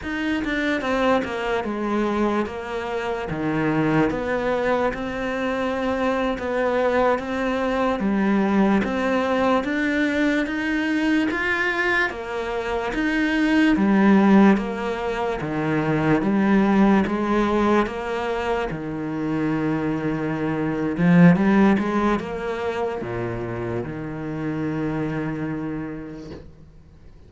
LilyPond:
\new Staff \with { instrumentName = "cello" } { \time 4/4 \tempo 4 = 73 dis'8 d'8 c'8 ais8 gis4 ais4 | dis4 b4 c'4.~ c'16 b16~ | b8. c'4 g4 c'4 d'16~ | d'8. dis'4 f'4 ais4 dis'16~ |
dis'8. g4 ais4 dis4 g16~ | g8. gis4 ais4 dis4~ dis16~ | dis4. f8 g8 gis8 ais4 | ais,4 dis2. | }